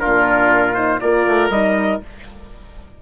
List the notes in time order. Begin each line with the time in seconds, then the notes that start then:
0.00 A#2 D4 F4 A#4
0.75 D#4 C5
1.01 A#3 F4 A#4 D5
1.27 A3
1.50 G3 D#4 D#5